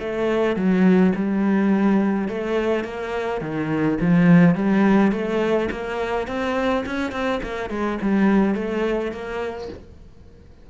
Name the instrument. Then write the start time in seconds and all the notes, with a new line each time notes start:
cello
0.00 A3
0.56 F#3
1.15 G3
2.28 A3
2.84 A#3
3.41 D#3
4.01 F3
4.55 G3
5.12 A3
5.71 A#3
6.28 C4
6.86 C#4
7.12 C4
7.43 A#3
7.70 G#3
8.02 G3
8.55 A3
9.12 A#3